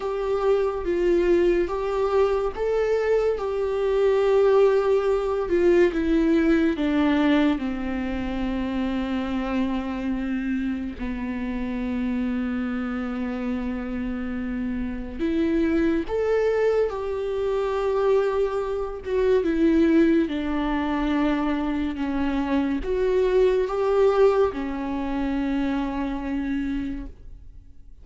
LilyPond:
\new Staff \with { instrumentName = "viola" } { \time 4/4 \tempo 4 = 71 g'4 f'4 g'4 a'4 | g'2~ g'8 f'8 e'4 | d'4 c'2.~ | c'4 b2.~ |
b2 e'4 a'4 | g'2~ g'8 fis'8 e'4 | d'2 cis'4 fis'4 | g'4 cis'2. | }